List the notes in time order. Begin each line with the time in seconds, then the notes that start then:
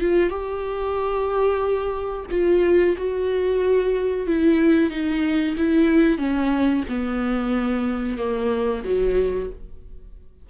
0.00 F4
0.29 G4
2.30 F4
2.97 F#4
4.27 E4
4.90 D#4
5.57 E4
6.18 C#4
6.88 B3
8.18 A#3
8.84 F#3